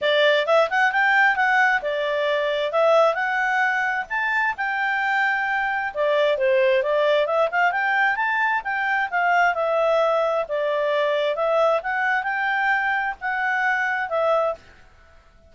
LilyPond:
\new Staff \with { instrumentName = "clarinet" } { \time 4/4 \tempo 4 = 132 d''4 e''8 fis''8 g''4 fis''4 | d''2 e''4 fis''4~ | fis''4 a''4 g''2~ | g''4 d''4 c''4 d''4 |
e''8 f''8 g''4 a''4 g''4 | f''4 e''2 d''4~ | d''4 e''4 fis''4 g''4~ | g''4 fis''2 e''4 | }